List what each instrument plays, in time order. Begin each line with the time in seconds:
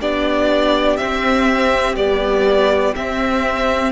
0.00 cello B3, viola D4, violin G4 D5
0.97 viola C4, cello C4, violin E5
1.96 viola G3, cello B3, violin D5
2.96 cello C4, viola C4, violin E5